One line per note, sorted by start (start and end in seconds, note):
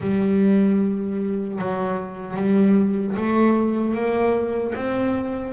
0.00 1.58 G3
1.59 2.36 F#3
2.36 3.15 G3
3.16 3.94 A3
3.94 4.73 A#3
4.75 5.52 C4